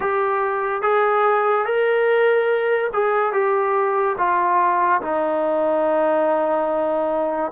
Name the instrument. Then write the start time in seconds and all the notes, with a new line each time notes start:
trombone
0.00 G4
0.82 G#4
1.65 A#4
2.93 G#4
3.32 G4
4.17 F4
5.01 D#4